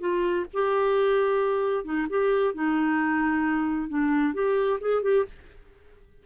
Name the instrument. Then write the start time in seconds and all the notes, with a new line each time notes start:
clarinet
0.00 F4
0.53 G4
1.84 D#4
2.10 G4
2.54 D#4
3.89 D4
4.34 G4
4.81 G#4
5.02 G4